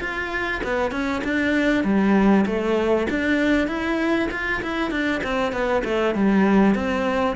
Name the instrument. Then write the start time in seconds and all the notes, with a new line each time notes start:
cello
0.00 F4
0.63 B3
0.91 C#4
1.24 D4
1.84 G3
2.46 A3
3.10 D4
3.68 E4
4.31 F4
4.63 E4
4.91 D4
5.23 C4
5.52 B3
5.84 A3
6.15 G3
6.75 C4